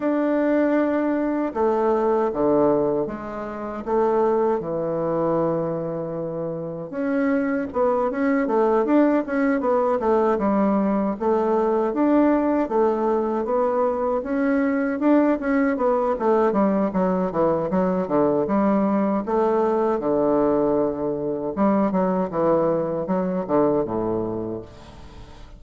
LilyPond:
\new Staff \with { instrumentName = "bassoon" } { \time 4/4 \tempo 4 = 78 d'2 a4 d4 | gis4 a4 e2~ | e4 cis'4 b8 cis'8 a8 d'8 | cis'8 b8 a8 g4 a4 d'8~ |
d'8 a4 b4 cis'4 d'8 | cis'8 b8 a8 g8 fis8 e8 fis8 d8 | g4 a4 d2 | g8 fis8 e4 fis8 d8 a,4 | }